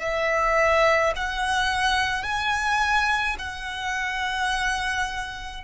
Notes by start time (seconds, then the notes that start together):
0.00 E5
1.16 F#5
2.23 G#5
3.39 F#5